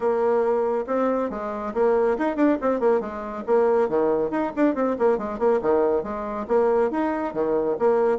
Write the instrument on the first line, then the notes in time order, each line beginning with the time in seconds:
bassoon
0.00 A#3
0.87 C4
1.29 G#3
1.74 A#3
2.17 D#4
2.35 D4
2.61 C4
2.80 A#3
3.00 G#3
3.46 A#3
3.88 D#3
4.30 D#4
4.56 D4
4.74 C4
4.98 A#3
5.17 G#3
5.38 A#3
5.61 D#3
6.03 G#3
6.47 A#3
6.90 D#4
7.33 D#3
7.79 A#3